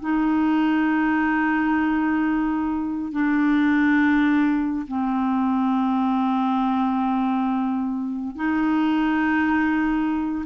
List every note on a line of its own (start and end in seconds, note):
0.00 3.12 D#4
3.12 4.86 D4
4.87 8.36 C4
8.36 10.45 D#4